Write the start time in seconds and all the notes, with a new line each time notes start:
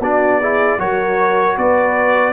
0.00 B3 D4 F#4 D5
0.41 E4 G#4
0.79 F#3 F#4 A#4 C#5
1.58 B3 B4 D5